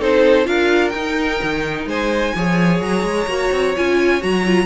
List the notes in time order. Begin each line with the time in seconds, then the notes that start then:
0.00 C4 D#4 A4 C5
0.44 D4 F4 A#4 F5
0.90 D#4 G5
0.96 D#4
1.42 D#3
1.86 G#3 C5 G#5
2.36 F3 G#4 C#5
2.82 F#3 A#5
3.03 G#3
3.27 A#3 F#4
3.52 C4
3.77 C#4 F4 G#5
4.21 F#3 F#4 A#5
4.46 F4